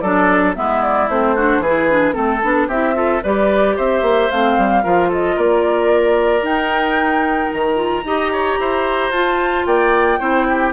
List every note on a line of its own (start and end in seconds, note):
0.00 0.56 F#3
0.00 0.55 D4
0.00 0.55 A4
0.00 0.54 D5
0.55 1.09 G#3
0.55 1.08 B3
0.55 1.35 E4
0.55 0.82 E5
0.82 1.09 D5
1.09 1.59 A3
1.09 1.37 C4
1.09 1.63 C5
1.35 1.64 D4
1.35 1.61 F#4
1.59 2.13 E3
1.59 2.15 G#4
1.59 2.13 B4
1.66 1.90 E4
1.90 2.13 D4
2.13 2.43 A3
2.13 2.40 C4
2.13 2.67 A4
2.13 2.68 A4
2.42 2.68 B3
2.42 2.69 D4
2.68 3.21 C4
2.68 2.94 E4
2.68 2.94 G4
2.68 3.23 E5
2.94 3.21 F4
2.94 3.23 A4
3.23 3.78 G3
3.23 4.31 G4
3.23 3.76 B4
3.23 3.77 D5
3.76 4.02 C4
3.76 4.83 C5
3.76 4.30 E5
4.02 4.29 A#3
4.30 4.58 A3
4.30 4.83 C4
4.30 5.11 F5
4.58 4.84 G3
4.83 5.37 F3
4.83 6.42 F4
4.83 5.09 A#4
5.09 5.35 A4
5.09 5.39 D#5
5.36 6.42 A#3
5.36 8.04 A#4
5.36 6.45 D5
6.42 7.75 D#4
6.42 7.50 D#4
6.42 7.52 G5
7.52 8.04 D#3
7.52 9.12 A#5
7.75 8.02 F4
8.04 8.57 D#4
8.04 9.13 G4
8.04 8.32 D#5
8.32 8.59 C#5
8.59 9.10 E4
8.59 9.67 C5
9.10 9.64 F4
9.10 10.19 F4
9.10 9.65 A5
9.66 10.19 A#3
9.66 10.19 D5
9.66 10.73 G5
10.19 10.73 C4
10.19 10.73 E4
10.19 10.46 C5
10.49 10.73 G4